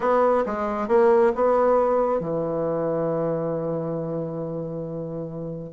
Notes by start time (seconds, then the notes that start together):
0.00 B3
0.46 G#3
0.88 A#3
1.35 B3
2.20 E3